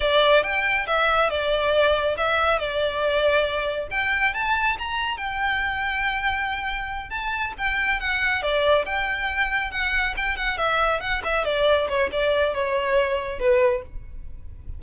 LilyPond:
\new Staff \with { instrumentName = "violin" } { \time 4/4 \tempo 4 = 139 d''4 g''4 e''4 d''4~ | d''4 e''4 d''2~ | d''4 g''4 a''4 ais''4 | g''1~ |
g''8 a''4 g''4 fis''4 d''8~ | d''8 g''2 fis''4 g''8 | fis''8 e''4 fis''8 e''8 d''4 cis''8 | d''4 cis''2 b'4 | }